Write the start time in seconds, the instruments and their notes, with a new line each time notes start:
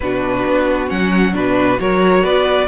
0.00 cello B2, viola D4, violin F#4 B4
0.46 cello B3
0.88 cello F#3, viola C#4, violin F#5
1.32 cello B2, viola D4, violin B4
1.78 cello F#3, viola F#4, violin A#4 C#5
2.23 cello B3, violin B4 D5